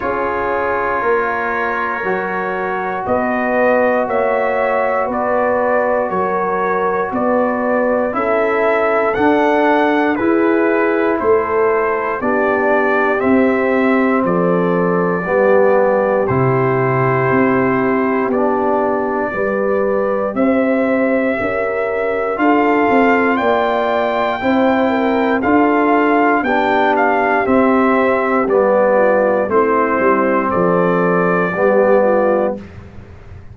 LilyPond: <<
  \new Staff \with { instrumentName = "trumpet" } { \time 4/4 \tempo 4 = 59 cis''2. dis''4 | e''4 d''4 cis''4 d''4 | e''4 fis''4 b'4 c''4 | d''4 e''4 d''2 |
c''2 d''2 | e''2 f''4 g''4~ | g''4 f''4 g''8 f''8 e''4 | d''4 c''4 d''2 | }
  \new Staff \with { instrumentName = "horn" } { \time 4/4 gis'4 ais'2 b'4 | cis''4 b'4 ais'4 b'4 | a'2 gis'4 a'4 | g'2 a'4 g'4~ |
g'2. b'4 | c''4 ais'4 a'4 d''4 | c''8 ais'8 a'4 g'2~ | g'8 f'8 e'4 a'4 g'8 f'8 | }
  \new Staff \with { instrumentName = "trombone" } { \time 4/4 f'2 fis'2~ | fis'1 | e'4 d'4 e'2 | d'4 c'2 b4 |
e'2 d'4 g'4~ | g'2 f'2 | e'4 f'4 d'4 c'4 | b4 c'2 b4 | }
  \new Staff \with { instrumentName = "tuba" } { \time 4/4 cis'4 ais4 fis4 b4 | ais4 b4 fis4 b4 | cis'4 d'4 e'4 a4 | b4 c'4 f4 g4 |
c4 c'4 b4 g4 | c'4 cis'4 d'8 c'8 ais4 | c'4 d'4 b4 c'4 | g4 a8 g8 f4 g4 | }
>>